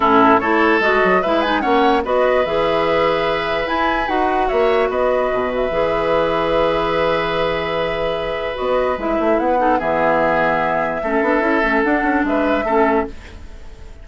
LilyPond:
<<
  \new Staff \with { instrumentName = "flute" } { \time 4/4 \tempo 4 = 147 a'4 cis''4 dis''4 e''8 gis''8 | fis''4 dis''4 e''2~ | e''4 gis''4 fis''4 e''4 | dis''4. e''2~ e''8~ |
e''1~ | e''4 dis''4 e''4 fis''4 | e''1~ | e''4 fis''4 e''2 | }
  \new Staff \with { instrumentName = "oboe" } { \time 4/4 e'4 a'2 b'4 | cis''4 b'2.~ | b'2. cis''4 | b'1~ |
b'1~ | b'2.~ b'8 a'8 | gis'2. a'4~ | a'2 b'4 a'4 | }
  \new Staff \with { instrumentName = "clarinet" } { \time 4/4 cis'4 e'4 fis'4 e'8 dis'8 | cis'4 fis'4 gis'2~ | gis'4 e'4 fis'2~ | fis'2 gis'2~ |
gis'1~ | gis'4 fis'4 e'4. dis'8 | b2. cis'8 d'8 | e'8 cis'8 d'2 cis'4 | }
  \new Staff \with { instrumentName = "bassoon" } { \time 4/4 a,4 a4 gis8 fis8 gis4 | ais4 b4 e2~ | e4 e'4 dis'4 ais4 | b4 b,4 e2~ |
e1~ | e4 b4 gis8 a8 b4 | e2. a8 b8 | cis'8 a8 d'8 cis'8 gis4 a4 | }
>>